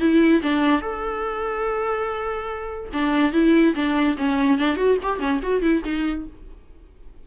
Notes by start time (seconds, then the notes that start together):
0.00 E4
0.43 D4
0.82 A4
2.93 D4
3.33 E4
3.75 D4
4.18 C#4
4.59 D4
4.77 F#4
5.03 G4
5.20 C#4
5.43 F#4
5.62 E4
5.84 D#4